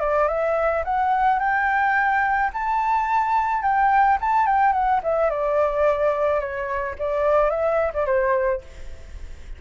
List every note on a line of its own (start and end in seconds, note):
0.00 0.28 D5
0.28 0.83 E5
0.84 1.39 F#5
1.39 2.50 G5
2.53 3.62 A5
3.62 4.18 G5
4.21 4.46 A5
4.46 4.72 G5
4.72 5.00 F#5
5.03 5.30 E5
5.30 6.40 D5
6.40 6.95 C#5
6.99 7.50 D5
7.50 7.92 E5
7.94 8.05 D5
8.05 8.61 C5